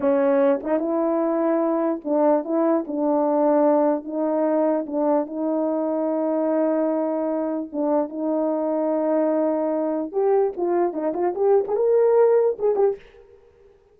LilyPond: \new Staff \with { instrumentName = "horn" } { \time 4/4 \tempo 4 = 148 cis'4. dis'8 e'2~ | e'4 d'4 e'4 d'4~ | d'2 dis'2 | d'4 dis'2.~ |
dis'2. d'4 | dis'1~ | dis'4 g'4 f'4 dis'8 f'8 | g'8. gis'16 ais'2 gis'8 g'8 | }